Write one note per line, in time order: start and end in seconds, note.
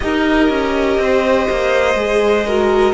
0.00 0.49 D#4
0.00 1.94 G4
0.00 1.00 A#4
0.00 2.94 D#5
0.49 0.97 C#4
0.97 1.47 C4
0.97 2.46 C5
1.50 1.94 A#3
1.94 2.92 G#3
1.94 2.44 G#4
2.46 2.94 F#4
2.46 2.94 A#4